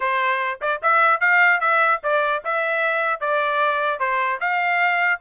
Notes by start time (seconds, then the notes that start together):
0.00 C5
0.61 D5
0.82 E5
1.20 F5
1.60 E5
2.03 D5
2.44 E5
3.20 D5
3.99 C5
4.40 F5